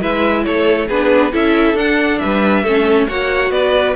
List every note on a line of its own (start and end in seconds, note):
0.00 0.46 G#3
0.00 0.88 E4
0.00 0.44 B4
0.00 0.44 E5
0.44 0.89 A3
0.44 0.87 A4
0.44 0.88 C#5
0.87 1.33 B3
0.87 1.32 D4
0.87 1.31 G#4
0.87 1.33 B4
1.32 1.73 C#4
1.32 1.75 E4
1.32 2.19 A4
1.32 1.77 E5
1.73 2.17 D4
1.73 2.65 D4
1.73 2.19 F#5
2.19 2.63 G3
2.19 2.63 B4
2.19 3.06 E5
2.63 3.07 A3
2.63 3.08 C#4
2.63 3.07 A4
3.08 3.50 A#3
3.08 3.95 F#4
3.08 3.52 C#5
3.08 3.51 F#5
3.50 3.94 B3
3.50 3.95 B4
3.50 3.95 D5